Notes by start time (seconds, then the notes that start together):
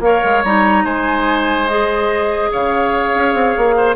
0.00 A#3 A#4 C#5 F5
0.24 G#3
0.44 G3 D#4 A#5
0.84 G#3 C5 G#5
1.68 G#4 D#5
2.51 C#3 C#5 F5
3.15 C#4
3.34 C4
3.57 A#3
3.77 C5